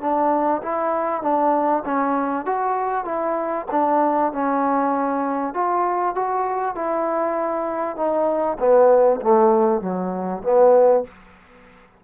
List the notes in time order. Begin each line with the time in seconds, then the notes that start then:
0.00 D4
0.62 E4
1.22 D4
1.85 C#4
2.45 F#4
3.05 E4
3.71 D4
4.32 C#4
5.54 F4
6.15 F#4
6.75 E4
7.96 D#4
8.59 B3
9.21 A3
9.81 F#3
10.43 B3